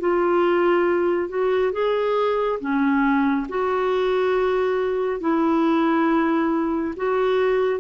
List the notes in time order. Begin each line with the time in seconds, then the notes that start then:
0.00 F4
1.29 F#4
1.72 G#4
2.60 C#4
3.49 F#4
5.21 E4
6.96 F#4